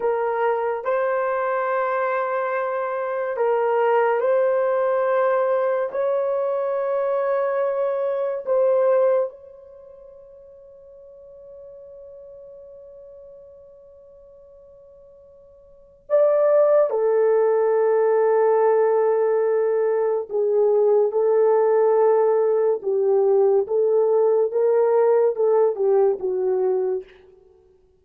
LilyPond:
\new Staff \with { instrumentName = "horn" } { \time 4/4 \tempo 4 = 71 ais'4 c''2. | ais'4 c''2 cis''4~ | cis''2 c''4 cis''4~ | cis''1~ |
cis''2. d''4 | a'1 | gis'4 a'2 g'4 | a'4 ais'4 a'8 g'8 fis'4 | }